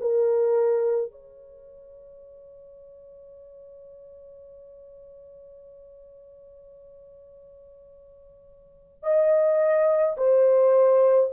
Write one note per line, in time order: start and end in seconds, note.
0.00 1.11 A#4
1.11 9.03 C#5
9.03 10.16 D#5
10.17 11.30 C5